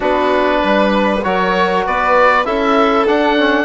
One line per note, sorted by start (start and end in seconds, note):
0.00 0.62 B3
0.00 1.20 D4
0.00 0.59 F#4
0.00 1.23 B4
0.63 1.24 G3
0.63 1.24 B4
1.23 1.86 F#3
1.23 2.45 F#4
1.23 1.86 A#4
1.23 1.84 C#5
1.86 2.45 B3
1.86 2.46 B4
1.86 2.45 D5
2.45 3.06 C#4
2.45 3.06 E4
2.45 3.64 A4
2.45 3.07 E5
3.06 3.64 D4
3.06 3.37 D4
3.06 3.64 F#5
3.37 3.64 C#4